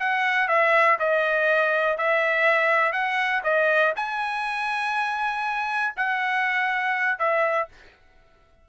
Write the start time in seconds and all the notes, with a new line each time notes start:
0.00 F#5
0.49 E5
1.00 D#5
1.98 E5
2.93 F#5
3.44 D#5
3.96 G#5
5.97 F#5
7.19 E5